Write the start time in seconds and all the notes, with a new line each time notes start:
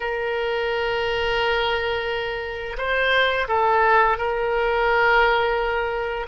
0.00 A#4
2.77 C5
3.48 A4
4.17 A#4